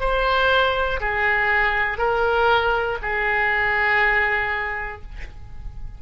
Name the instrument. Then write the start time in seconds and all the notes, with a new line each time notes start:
oboe
0.00 C5
1.00 G#4
1.97 A#4
3.02 G#4